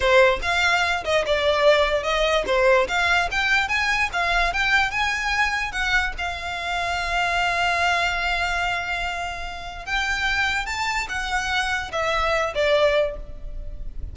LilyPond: \new Staff \with { instrumentName = "violin" } { \time 4/4 \tempo 4 = 146 c''4 f''4. dis''8 d''4~ | d''4 dis''4 c''4 f''4 | g''4 gis''4 f''4 g''4 | gis''2 fis''4 f''4~ |
f''1~ | f''1 | g''2 a''4 fis''4~ | fis''4 e''4. d''4. | }